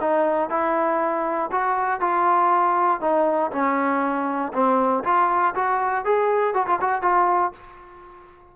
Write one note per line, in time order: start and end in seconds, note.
0.00 0.49 D#4
0.49 1.50 E4
1.51 2.00 F#4
2.00 3.00 F4
3.00 3.51 D#4
3.51 4.52 C#4
4.53 5.04 C4
5.04 5.54 F4
5.55 6.05 F#4
6.05 6.54 G#4
6.54 6.66 F#4
6.66 6.79 F4
6.81 7.02 F#4
7.02 7.52 F4